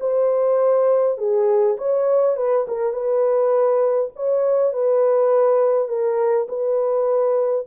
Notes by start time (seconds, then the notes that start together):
0.00 C5
1.18 G#4
1.78 C#5
2.37 B4
2.68 A#4
2.93 B4
4.16 C#5
4.73 B4
5.88 A#4
6.48 B4